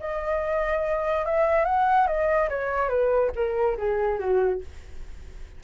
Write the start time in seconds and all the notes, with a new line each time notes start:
0.00 D#5
1.26 E5
1.65 F#5
2.08 D#5
2.49 C#5
2.89 B4
3.36 A#4
3.78 G#4
4.19 F#4